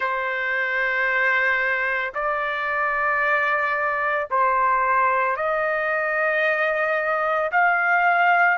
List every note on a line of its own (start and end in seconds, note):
0.00 2.12 C5
2.14 4.29 D5
4.30 5.36 C5
5.36 7.50 D#5
7.51 8.57 F5